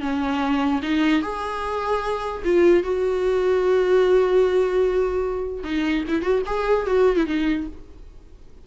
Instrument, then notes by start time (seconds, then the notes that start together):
viola
0.00 C#4
0.82 D#4
1.22 G#4
2.44 F4
2.83 F#4
5.63 D#4
6.08 E4
6.22 F#4
6.46 G#4
6.86 F#4
7.16 E4
7.26 D#4